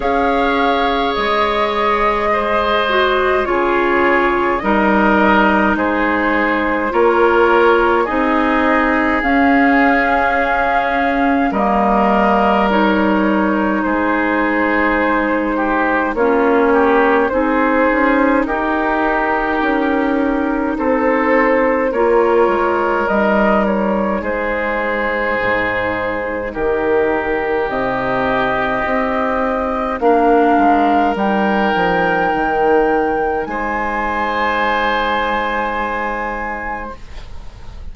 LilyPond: <<
  \new Staff \with { instrumentName = "flute" } { \time 4/4 \tempo 4 = 52 f''4 dis''2 cis''4 | dis''4 c''4 cis''4 dis''4 | f''2 dis''4 cis''4 | c''2 cis''4 c''4 |
ais'2 c''4 cis''4 | dis''8 cis''8 c''2 ais'4 | dis''2 f''4 g''4~ | g''4 gis''2. | }
  \new Staff \with { instrumentName = "oboe" } { \time 4/4 cis''2 c''4 gis'4 | ais'4 gis'4 ais'4 gis'4~ | gis'2 ais'2 | gis'4. g'8 f'8 g'8 gis'4 |
g'2 a'4 ais'4~ | ais'4 gis'2 g'4~ | g'2 ais'2~ | ais'4 c''2. | }
  \new Staff \with { instrumentName = "clarinet" } { \time 4/4 gis'2~ gis'8 fis'8 f'4 | dis'2 f'4 dis'4 | cis'2 ais4 dis'4~ | dis'2 cis'4 dis'4~ |
dis'2. f'4 | dis'1~ | dis'2 d'4 dis'4~ | dis'1 | }
  \new Staff \with { instrumentName = "bassoon" } { \time 4/4 cis'4 gis2 cis4 | g4 gis4 ais4 c'4 | cis'2 g2 | gis2 ais4 c'8 cis'8 |
dis'4 cis'4 c'4 ais8 gis8 | g4 gis4 gis,4 dis4 | c4 c'4 ais8 gis8 g8 f8 | dis4 gis2. | }
>>